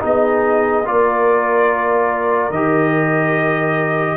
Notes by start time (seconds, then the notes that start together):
0.00 B3 D#4 G#4 D#5
0.85 A#3 F4 A#4 D5
2.50 D#3 G4 D#5